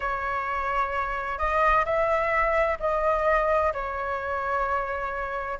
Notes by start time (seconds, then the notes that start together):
0.00 C#5
1.38 D#5
1.85 E5
2.79 D#5
3.73 C#5